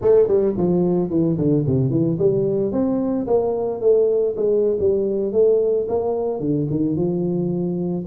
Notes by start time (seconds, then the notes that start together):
0.01 A3
0.27 G3
0.57 F3
1.09 E3
1.37 D3
1.66 C3
1.90 E3
2.18 G3
2.71 C4
3.26 A#3
3.81 A3
4.36 G#3
4.79 G3
5.32 A3
5.88 A#3
6.40 D3
6.70 D#3
6.95 F3